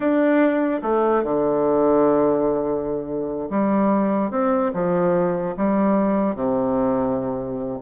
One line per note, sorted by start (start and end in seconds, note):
0.00 0.81 D4
0.82 1.23 A3
1.23 3.49 D3
3.50 4.30 G3
4.30 4.71 C4
4.73 5.55 F3
5.56 6.35 G3
6.35 7.79 C3